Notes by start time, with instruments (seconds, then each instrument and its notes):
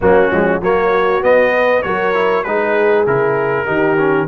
0.01 tuba F#3, trombone A#3, horn C#4, trumpet F#4
0.31 tuba F3, trombone G#3
0.60 tuba F#3, trombone A#3, horn F#4, trumpet C#5
1.22 trombone B3, tuba B3, trumpet D#5
1.53 horn B4
1.82 tuba F#3, trombone F#4, horn A#4, trumpet C#5
2.14 trombone E4
2.43 tuba G#3, trombone D#4, horn G#4, trumpet B4
3.06 tuba C#3, trombone E4, trumpet A#4
3.65 tuba D#3, trombone D#4, horn G4
3.98 trombone C#4